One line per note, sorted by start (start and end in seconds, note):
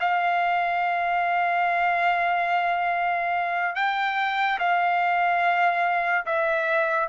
0.00 3.75 F5
3.75 4.58 G5
4.58 6.25 F5
6.25 7.08 E5